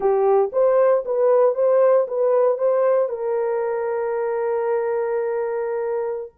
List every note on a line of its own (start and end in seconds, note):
0.00 0.51 G4
0.52 1.03 C5
1.05 1.54 B4
1.54 2.06 C5
2.07 2.58 B4
2.58 3.08 C5
3.08 6.32 A#4